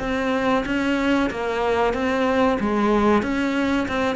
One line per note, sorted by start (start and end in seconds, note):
0.00 0.65 C4
0.66 1.30 C#4
1.31 1.94 A#3
1.94 2.58 C4
2.60 3.23 G#3
3.23 3.87 C#4
3.88 4.16 C4